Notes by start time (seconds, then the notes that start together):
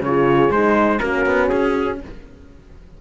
0.00 C#3 G#4 C#5
0.06 F4
0.50 G#3 D#4 C5
0.99 A#3 C#4 F#4 A#4
1.26 B3
1.49 C#4 G#4